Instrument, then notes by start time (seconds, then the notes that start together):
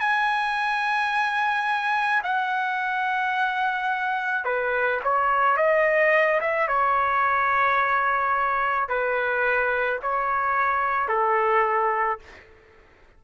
trumpet
0.00 G#5
2.24 F#5
4.45 B4
5.04 C#5
5.57 D#5
6.41 E5
6.68 C#5
8.89 B4
10.03 C#5
11.09 A4